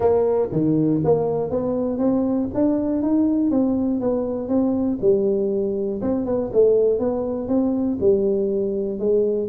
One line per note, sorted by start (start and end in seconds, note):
0.00 0.49 A#3
0.51 1.01 D#3
1.04 1.50 A#3
1.50 1.97 B3
1.97 2.48 C4
2.54 3.02 D4
3.02 3.50 D#4
3.50 4.00 C4
4.00 4.48 B3
4.48 4.98 C4
5.01 6.01 G3
6.01 6.25 C4
6.25 6.50 B3
6.52 6.99 A3
6.99 7.47 B3
7.47 7.97 C4
8.00 8.99 G3
8.99 9.48 G#3